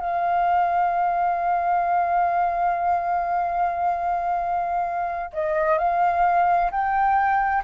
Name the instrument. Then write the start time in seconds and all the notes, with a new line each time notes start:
flute
0.00 F5
5.33 D#5
5.78 F5
6.71 G5